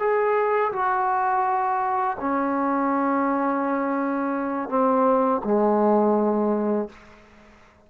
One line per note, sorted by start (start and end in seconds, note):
0.00 0.72 G#4
0.73 2.17 F#4
2.20 4.69 C#4
4.69 5.42 C4
5.44 6.89 G#3